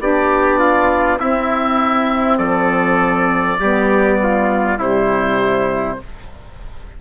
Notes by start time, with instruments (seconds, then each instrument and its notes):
0.00 bassoon B3, saxophone D4, trumpet G4, oboe D5
0.59 trumpet F4
1.18 saxophone C4, bassoon C4, trumpet E4, oboe E5
2.38 bassoon F3, trumpet A4, oboe D5
3.60 bassoon G3, saxophone B3, trumpet G4
4.24 trumpet F4
4.78 bassoon C3, saxophone G3, trumpet E4, oboe C5